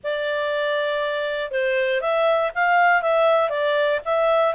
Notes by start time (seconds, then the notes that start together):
0.03 D5
1.51 C5
2.00 E5
2.54 F5
3.02 E5
3.49 D5
4.04 E5